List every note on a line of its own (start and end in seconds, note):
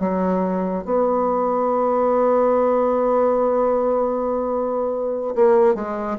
0.00 0.85 F#3
0.85 5.35 B3
5.36 5.75 A#3
5.75 6.18 G#3